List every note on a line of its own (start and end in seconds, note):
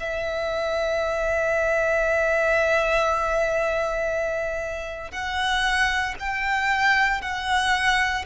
0.00 5.12 E5
5.12 6.15 F#5
6.20 7.22 G5
7.22 8.26 F#5